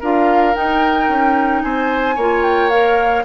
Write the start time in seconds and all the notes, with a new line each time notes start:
0.00 D4 F4 A#4 F5
0.53 D#4 G5
1.08 C#4
1.62 C4 C5 G#5
2.15 A#3 F4 C#5
2.43 G5
2.69 A#4 F5